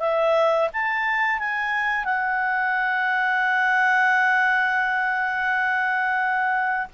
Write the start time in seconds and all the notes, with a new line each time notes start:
0.00 E5
0.73 A5
1.39 G#5
2.05 F#5